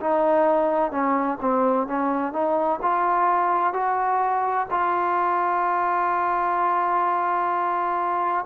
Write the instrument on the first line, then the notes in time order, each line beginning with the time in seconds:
trombone
0.00 D#4
0.91 C#4
1.41 C4
1.87 C#4
2.33 D#4
2.82 F4
3.73 F#4
4.70 F4